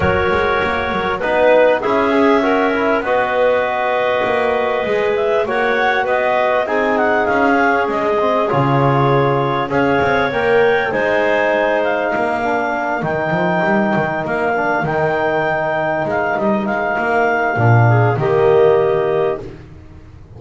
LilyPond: <<
  \new Staff \with { instrumentName = "clarinet" } { \time 4/4 \tempo 4 = 99 cis''2 b'4 e''4~ | e''4 dis''2.~ | dis''8 e''8 fis''4 dis''4 gis''8 fis''8 | f''4 dis''4 cis''2 |
f''4 g''4 gis''4. f''8~ | f''4. g''2 f''8~ | f''8 g''2 f''8 dis''8 f''8~ | f''2 dis''2 | }
  \new Staff \with { instrumentName = "clarinet" } { \time 4/4 ais'2 b'4 gis'4 | ais'4 b'2.~ | b'4 cis''4 b'4 gis'4~ | gis'1 |
cis''2 c''2 | ais'1~ | ais'1~ | ais'4. gis'8 g'2 | }
  \new Staff \with { instrumentName = "trombone" } { \time 4/4 fis'2 dis'4 e'8 gis'8 | fis'8 e'8 fis'2. | gis'4 fis'2 dis'4~ | dis'8 cis'4 c'8 f'2 |
gis'4 ais'4 dis'2~ | dis'8 d'4 dis'2~ dis'8 | d'8 dis'2.~ dis'8~ | dis'4 d'4 ais2 | }
  \new Staff \with { instrumentName = "double bass" } { \time 4/4 fis8 gis8 ais8 fis8 b4 cis'4~ | cis'4 b2 ais4 | gis4 ais4 b4 c'4 | cis'4 gis4 cis2 |
cis'8 c'8 ais4 gis2 | ais4. dis8 f8 g8 dis8 ais8~ | ais8 dis2 gis8 g8 gis8 | ais4 ais,4 dis2 | }
>>